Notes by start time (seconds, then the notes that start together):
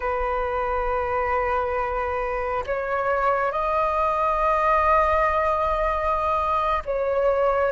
0.00 B4
2.66 C#5
3.51 D#5
6.85 C#5